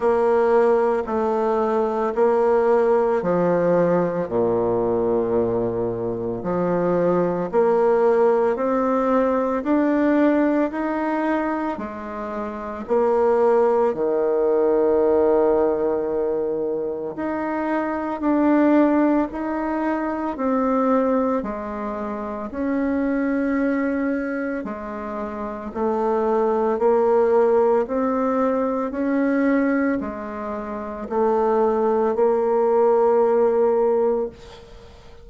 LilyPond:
\new Staff \with { instrumentName = "bassoon" } { \time 4/4 \tempo 4 = 56 ais4 a4 ais4 f4 | ais,2 f4 ais4 | c'4 d'4 dis'4 gis4 | ais4 dis2. |
dis'4 d'4 dis'4 c'4 | gis4 cis'2 gis4 | a4 ais4 c'4 cis'4 | gis4 a4 ais2 | }